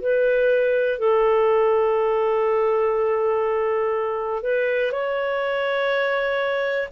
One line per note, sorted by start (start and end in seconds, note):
0.00 0.98 B4
0.98 4.42 A4
4.42 4.91 B4
4.91 6.88 C#5